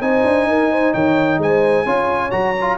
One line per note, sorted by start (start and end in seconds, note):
0.00 0.23 C4
0.00 1.86 D#4
0.00 0.48 C5
0.00 0.93 G#5
0.24 0.46 D4
0.46 0.93 D#4
0.46 0.71 A#4
0.71 0.92 C5
0.92 1.38 D#3
0.92 1.38 C#5
0.92 1.40 G5
1.38 1.84 G#3
1.38 1.85 C5
1.38 2.31 G#5
1.85 2.32 C#4
1.85 2.31 F4
1.85 2.77 C#5
2.31 2.77 F#3
2.31 2.54 F#4
2.31 2.77 A#5
2.61 2.77 F4